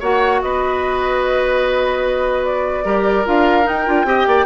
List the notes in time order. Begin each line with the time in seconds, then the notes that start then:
0.00 A#3 F#4 C#5 F#5
0.42 B3 B4 D#5
2.45 D5
2.85 G3 G4 A#4
3.26 D4 F4 F5
3.64 D#4 G5
3.86 D4 F4
4.05 C4 G4 D#5
4.27 A#3 D5